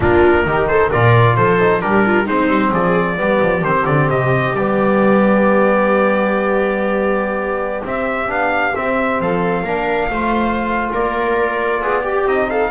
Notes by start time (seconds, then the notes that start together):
0.00 A#3 D4 F4 A#4
0.45 D#3 D#4 G4
0.67 A4 C5
0.90 A#2 F4 A#4 D5
1.36 F3 A4 C5
1.60 D#4
1.80 G3 D4 G4 A#4
2.05 F4
2.25 G#3 C4 D#4 C5
2.48 G3
2.71 F3 G#4 D5
3.16 G3 B3 G4
3.42 F3
3.61 D#3 C4 C5
3.86 D3 D5
4.10 C3 D#5
4.53 G3 B3 D5
7.84 C4 E5
8.27 B3 D4 F5
8.75 C4 E5
9.20 F3 A4 F5
9.63 A#3 D4 A#4
10.09 A3 F4 C5
10.92 A#3 A#4 D5
11.81 B3 G#4
12.02 G4
12.25 C4 D#4 D#5
12.50 A4 F5